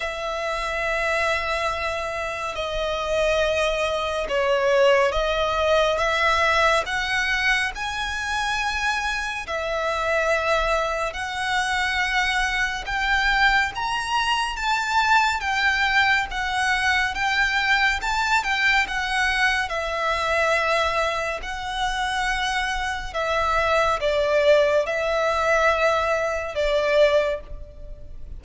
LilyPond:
\new Staff \with { instrumentName = "violin" } { \time 4/4 \tempo 4 = 70 e''2. dis''4~ | dis''4 cis''4 dis''4 e''4 | fis''4 gis''2 e''4~ | e''4 fis''2 g''4 |
ais''4 a''4 g''4 fis''4 | g''4 a''8 g''8 fis''4 e''4~ | e''4 fis''2 e''4 | d''4 e''2 d''4 | }